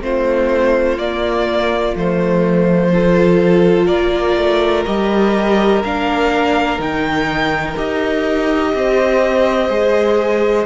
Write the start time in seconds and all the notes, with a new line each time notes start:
0.00 A3 C4 F4 C5
0.97 A#3 D5
1.96 F3 A3 C5
2.93 F4 A4
3.86 A#3 A#4 D5
4.36 A3
4.86 G3 G4 D#5
5.84 A#3 D4 F5
6.79 D#3 D#4 G5
7.76 D#4 G4 D#5
8.74 C4 C5
9.69 G#3 G#4